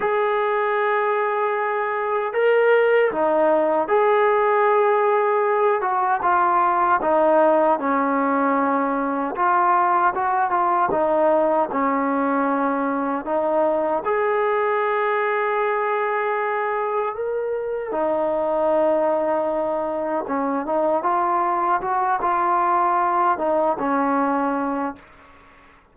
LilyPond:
\new Staff \with { instrumentName = "trombone" } { \time 4/4 \tempo 4 = 77 gis'2. ais'4 | dis'4 gis'2~ gis'8 fis'8 | f'4 dis'4 cis'2 | f'4 fis'8 f'8 dis'4 cis'4~ |
cis'4 dis'4 gis'2~ | gis'2 ais'4 dis'4~ | dis'2 cis'8 dis'8 f'4 | fis'8 f'4. dis'8 cis'4. | }